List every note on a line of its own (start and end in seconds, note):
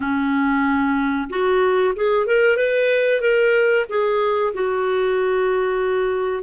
0.00 1.28 C#4
1.29 1.94 F#4
1.95 2.26 G#4
2.26 2.56 A#4
2.56 3.21 B4
3.21 3.85 A#4
3.89 4.53 G#4
4.53 6.43 F#4